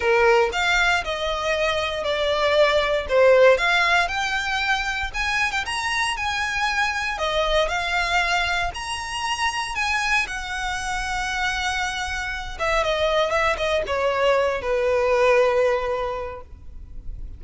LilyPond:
\new Staff \with { instrumentName = "violin" } { \time 4/4 \tempo 4 = 117 ais'4 f''4 dis''2 | d''2 c''4 f''4 | g''2 gis''8. g''16 ais''4 | gis''2 dis''4 f''4~ |
f''4 ais''2 gis''4 | fis''1~ | fis''8 e''8 dis''4 e''8 dis''8 cis''4~ | cis''8 b'2.~ b'8 | }